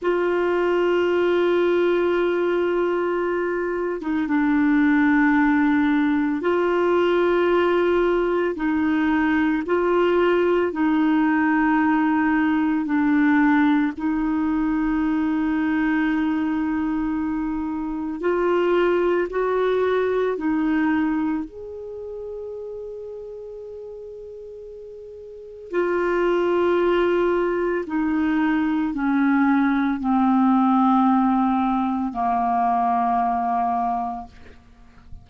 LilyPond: \new Staff \with { instrumentName = "clarinet" } { \time 4/4 \tempo 4 = 56 f'2.~ f'8. dis'16 | d'2 f'2 | dis'4 f'4 dis'2 | d'4 dis'2.~ |
dis'4 f'4 fis'4 dis'4 | gis'1 | f'2 dis'4 cis'4 | c'2 ais2 | }